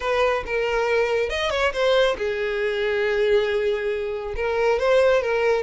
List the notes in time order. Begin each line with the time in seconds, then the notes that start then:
0.00 B4
0.45 A#4
1.29 D#5
1.50 C#5
1.72 C5
2.17 G#4
4.36 A#4
4.79 C5
5.22 A#4